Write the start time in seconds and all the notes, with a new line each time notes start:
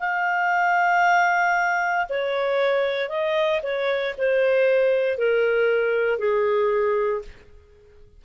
0.00 F5
2.09 C#5
3.09 D#5
3.63 C#5
4.18 C5
5.18 A#4
6.19 G#4